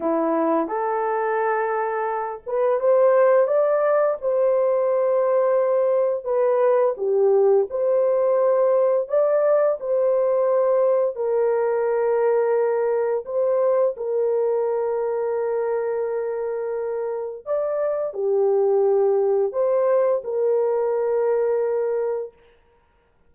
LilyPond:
\new Staff \with { instrumentName = "horn" } { \time 4/4 \tempo 4 = 86 e'4 a'2~ a'8 b'8 | c''4 d''4 c''2~ | c''4 b'4 g'4 c''4~ | c''4 d''4 c''2 |
ais'2. c''4 | ais'1~ | ais'4 d''4 g'2 | c''4 ais'2. | }